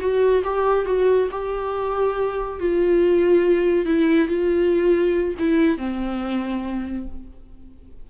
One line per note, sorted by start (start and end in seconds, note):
0.00 0.43 F#4
0.44 0.86 G4
0.86 1.28 F#4
1.31 2.60 G4
2.60 3.86 F4
3.86 4.28 E4
4.28 5.35 F4
5.39 5.78 E4
5.78 7.06 C4